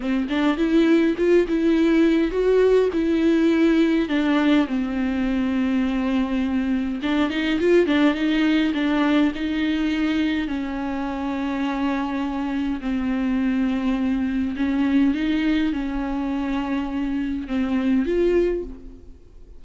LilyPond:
\new Staff \with { instrumentName = "viola" } { \time 4/4 \tempo 4 = 103 c'8 d'8 e'4 f'8 e'4. | fis'4 e'2 d'4 | c'1 | d'8 dis'8 f'8 d'8 dis'4 d'4 |
dis'2 cis'2~ | cis'2 c'2~ | c'4 cis'4 dis'4 cis'4~ | cis'2 c'4 f'4 | }